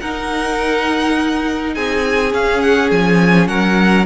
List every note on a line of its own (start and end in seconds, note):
0.00 1.77 D#4
0.00 2.31 D#4
0.00 1.74 A#4
0.00 1.74 F#5
1.74 2.35 C4
1.74 3.49 G#4
1.74 2.33 G#5
2.31 4.05 C#4
2.31 2.91 C#4
2.31 2.61 F5
2.61 2.90 F#5
2.91 3.49 F3
2.91 3.48 G#5
3.48 4.05 F#3
3.48 4.05 A#4
3.48 4.05 F#5